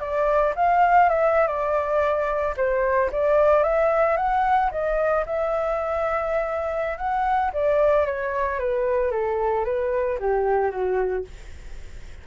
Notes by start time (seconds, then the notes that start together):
0.00 D5
0.56 F5
1.09 E5
1.47 D5
2.57 C5
3.12 D5
3.63 E5
4.17 F#5
4.71 D#5
5.26 E5
6.98 F#5
7.53 D5
8.06 C#5
8.59 B4
9.11 A4
9.65 B4
10.19 G4
10.71 F#4